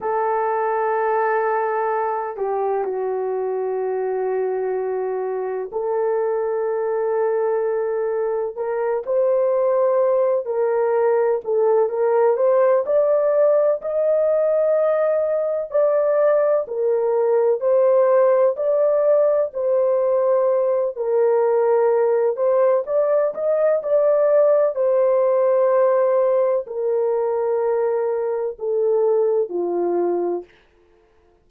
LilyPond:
\new Staff \with { instrumentName = "horn" } { \time 4/4 \tempo 4 = 63 a'2~ a'8 g'8 fis'4~ | fis'2 a'2~ | a'4 ais'8 c''4. ais'4 | a'8 ais'8 c''8 d''4 dis''4.~ |
dis''8 d''4 ais'4 c''4 d''8~ | d''8 c''4. ais'4. c''8 | d''8 dis''8 d''4 c''2 | ais'2 a'4 f'4 | }